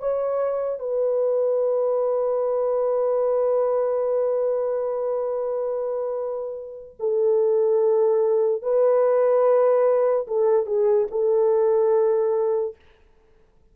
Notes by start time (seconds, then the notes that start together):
0.00 C#5
0.80 B4
7.00 A4
8.63 B4
10.28 A4
10.67 G#4
11.11 A4